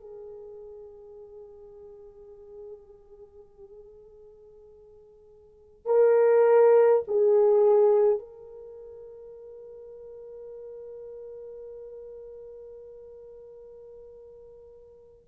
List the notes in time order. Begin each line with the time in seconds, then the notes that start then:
0.00 G#4
5.86 A#4
7.07 G#4
8.19 A#4